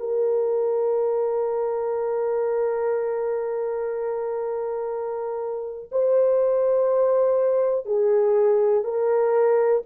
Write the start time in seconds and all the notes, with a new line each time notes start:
0.00 A#4
5.92 C5
7.86 G#4
8.84 A#4